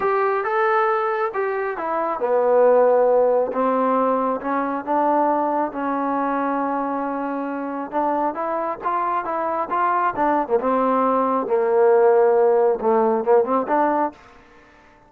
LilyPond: \new Staff \with { instrumentName = "trombone" } { \time 4/4 \tempo 4 = 136 g'4 a'2 g'4 | e'4 b2. | c'2 cis'4 d'4~ | d'4 cis'2.~ |
cis'2 d'4 e'4 | f'4 e'4 f'4 d'8. ais16 | c'2 ais2~ | ais4 a4 ais8 c'8 d'4 | }